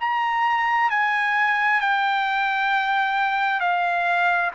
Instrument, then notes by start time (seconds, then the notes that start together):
trumpet
0.00 A#5
0.90 G#5
1.81 G5
3.60 F5